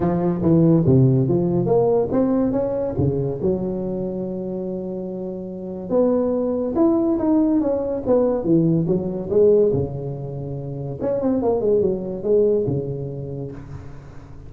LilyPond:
\new Staff \with { instrumentName = "tuba" } { \time 4/4 \tempo 4 = 142 f4 e4 c4 f4 | ais4 c'4 cis'4 cis4 | fis1~ | fis2 b2 |
e'4 dis'4 cis'4 b4 | e4 fis4 gis4 cis4~ | cis2 cis'8 c'8 ais8 gis8 | fis4 gis4 cis2 | }